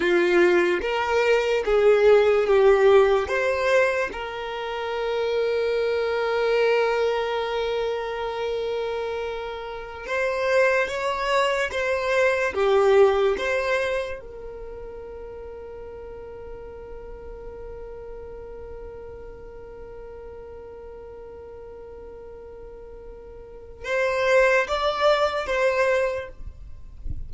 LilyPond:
\new Staff \with { instrumentName = "violin" } { \time 4/4 \tempo 4 = 73 f'4 ais'4 gis'4 g'4 | c''4 ais'2.~ | ais'1~ | ais'16 c''4 cis''4 c''4 g'8.~ |
g'16 c''4 ais'2~ ais'8.~ | ais'1~ | ais'1~ | ais'4 c''4 d''4 c''4 | }